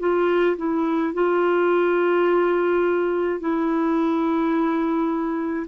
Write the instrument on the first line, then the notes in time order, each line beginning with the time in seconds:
clarinet
0.00 F4
0.57 E4
1.14 F4
3.40 E4